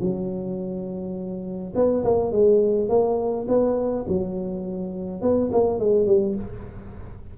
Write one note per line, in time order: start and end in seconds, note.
0.00 1.73 F#3
1.75 2.03 B3
2.04 2.31 A#3
2.31 2.88 G#3
2.88 3.46 A#3
3.47 4.05 B3
4.08 5.21 F#3
5.21 5.50 B3
5.52 5.79 A#3
5.79 6.06 G#3
6.06 6.35 G3